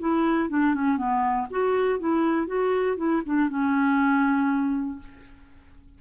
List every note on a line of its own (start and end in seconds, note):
0.00 0.50 E4
0.50 0.75 D4
0.75 0.97 C#4
0.97 1.47 B3
1.50 2.00 F#4
2.00 2.47 E4
2.47 2.97 F#4
2.97 3.22 E4
3.26 3.49 D4
3.49 4.99 C#4